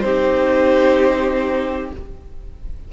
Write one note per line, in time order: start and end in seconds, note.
0.00 1.91 C4
0.00 1.93 D#4
0.00 1.91 G4
0.00 1.88 C5